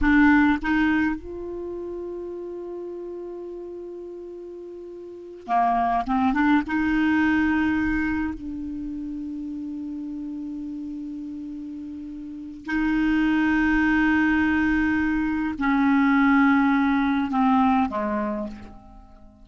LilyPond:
\new Staff \with { instrumentName = "clarinet" } { \time 4/4 \tempo 4 = 104 d'4 dis'4 f'2~ | f'1~ | f'4. ais4 c'8 d'8 dis'8~ | dis'2~ dis'8 d'4.~ |
d'1~ | d'2 dis'2~ | dis'2. cis'4~ | cis'2 c'4 gis4 | }